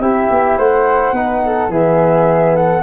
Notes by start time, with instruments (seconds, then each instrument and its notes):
0.00 tuba C4, trombone E4, flute G4 E5
0.30 tuba B3
0.58 tuba A3, flute C5 F#5
1.13 tuba B3, trombone D#4, flute B4
1.46 flute A4
1.69 tuba E3, trombone B3, flute G#4 E5
2.54 flute A4 F#5